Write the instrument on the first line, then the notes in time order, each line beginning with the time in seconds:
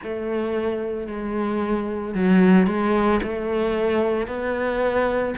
cello
0.03 A3
1.07 G#3
2.14 F#3
2.66 G#3
3.22 A3
4.27 B3